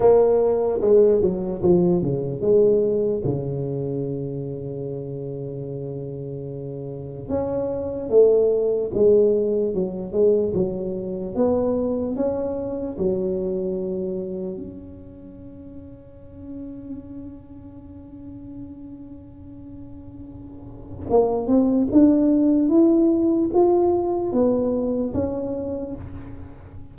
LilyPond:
\new Staff \with { instrumentName = "tuba" } { \time 4/4 \tempo 4 = 74 ais4 gis8 fis8 f8 cis8 gis4 | cis1~ | cis4 cis'4 a4 gis4 | fis8 gis8 fis4 b4 cis'4 |
fis2 cis'2~ | cis'1~ | cis'2 ais8 c'8 d'4 | e'4 f'4 b4 cis'4 | }